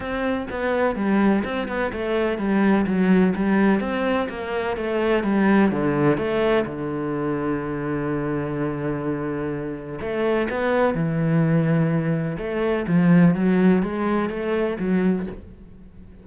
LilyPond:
\new Staff \with { instrumentName = "cello" } { \time 4/4 \tempo 4 = 126 c'4 b4 g4 c'8 b8 | a4 g4 fis4 g4 | c'4 ais4 a4 g4 | d4 a4 d2~ |
d1~ | d4 a4 b4 e4~ | e2 a4 f4 | fis4 gis4 a4 fis4 | }